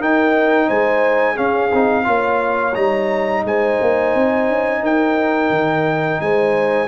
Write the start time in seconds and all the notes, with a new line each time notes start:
0.00 D#4 A#4 G5
0.68 G#3 C5 G#5
1.34 C#4 G#4 F5
1.74 C4 D#4
2.04 A#3 F4 C#5
2.75 G3 D#4 A#5
3.45 G#3 C5 G#5
3.82 A#3
4.15 C4
4.49 C#4
4.82 D#4 A#4 G5
5.50 D#3
6.21 G#3 C5 G#5